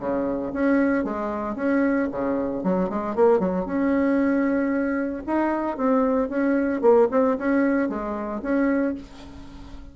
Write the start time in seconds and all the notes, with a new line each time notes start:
0.00 C#3
0.53 C#4
1.05 G#3
1.56 C#4
2.12 C#3
2.64 F#3
2.90 G#3
3.16 A#3
3.40 F#3
3.66 C#4
5.27 D#4
5.77 C4
6.29 C#4
6.82 A#3
7.11 C4
7.38 C#4
7.89 G#3
8.43 C#4